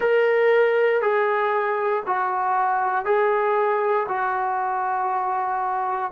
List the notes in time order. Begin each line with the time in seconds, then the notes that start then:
0.00 A#4
1.01 G#4
2.06 F#4
3.05 G#4
4.08 F#4